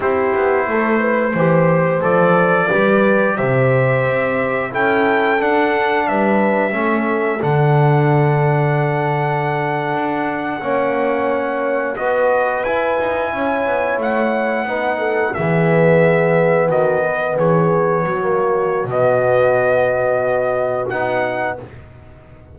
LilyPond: <<
  \new Staff \with { instrumentName = "trumpet" } { \time 4/4 \tempo 4 = 89 c''2. d''4~ | d''4 e''2 g''4 | fis''4 e''2 fis''4~ | fis''1~ |
fis''4.~ fis''16 dis''4 gis''4~ gis''16~ | gis''8. fis''2 e''4~ e''16~ | e''8. dis''4 cis''2~ cis''16 | dis''2. fis''4 | }
  \new Staff \with { instrumentName = "horn" } { \time 4/4 g'4 a'8 b'8 c''2 | b'4 c''2 a'4~ | a'4 b'4 a'2~ | a'2.~ a'8. cis''16~ |
cis''4.~ cis''16 b'2 cis''16~ | cis''4.~ cis''16 b'8 a'8 gis'4~ gis'16~ | gis'8. fis'8 b'8 gis'4 fis'4~ fis'16~ | fis'1 | }
  \new Staff \with { instrumentName = "trombone" } { \time 4/4 e'2 g'4 a'4 | g'2. e'4 | d'2 cis'4 d'4~ | d'2.~ d'8. cis'16~ |
cis'4.~ cis'16 fis'4 e'4~ e'16~ | e'4.~ e'16 dis'4 b4~ b16~ | b2. ais4 | b2. dis'4 | }
  \new Staff \with { instrumentName = "double bass" } { \time 4/4 c'8 b8 a4 e4 f4 | g4 c4 c'4 cis'4 | d'4 g4 a4 d4~ | d2~ d8. d'4 ais16~ |
ais4.~ ais16 b4 e'8 dis'8 cis'16~ | cis'16 b8 a4 b4 e4~ e16~ | e8. dis4 e4 fis4~ fis16 | b,2. b4 | }
>>